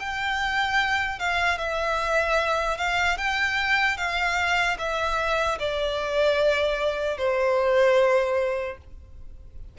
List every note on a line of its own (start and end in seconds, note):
0.00 1.20 G5
1.20 1.59 F5
1.59 2.78 E5
2.78 3.18 F5
3.18 3.97 G5
3.97 4.77 F5
4.79 5.59 E5
5.60 7.18 D5
7.18 8.78 C5